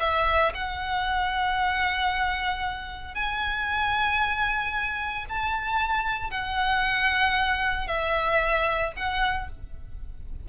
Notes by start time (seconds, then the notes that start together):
0.00 E5
0.54 F#5
3.15 G#5
5.29 A5
6.31 F#5
7.88 E5
8.96 F#5